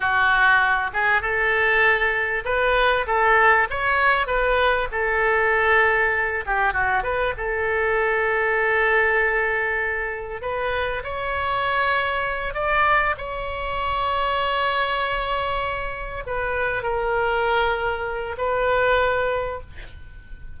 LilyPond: \new Staff \with { instrumentName = "oboe" } { \time 4/4 \tempo 4 = 98 fis'4. gis'8 a'2 | b'4 a'4 cis''4 b'4 | a'2~ a'8 g'8 fis'8 b'8 | a'1~ |
a'4 b'4 cis''2~ | cis''8 d''4 cis''2~ cis''8~ | cis''2~ cis''8 b'4 ais'8~ | ais'2 b'2 | }